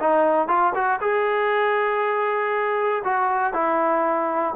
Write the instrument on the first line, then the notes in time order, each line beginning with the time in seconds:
trombone
0.00 D#4
0.48 F4
0.75 F#4
1.02 G#4
3.05 F#4
3.54 E4